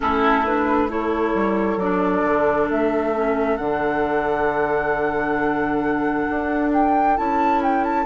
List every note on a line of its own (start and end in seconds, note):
0.00 1.34 A3
0.00 0.44 C#4
0.00 0.90 E4
0.00 0.45 A4
0.45 0.89 D4
0.45 0.90 B4
0.89 1.79 E4
0.89 8.05 A4
0.89 1.79 C#5
1.34 1.76 G3
1.76 2.21 F#3
1.76 3.15 D4
1.76 2.68 D5
2.24 2.69 D3
2.71 3.58 A3
2.71 3.57 E5
3.15 3.58 C#4
3.57 6.27 D3
3.57 7.16 D4
3.57 6.70 F#5
6.29 7.18 D4
6.73 7.17 G5
7.16 8.05 C#4
7.16 8.05 E4
7.16 7.62 A5
7.62 7.84 G5
7.84 8.05 A5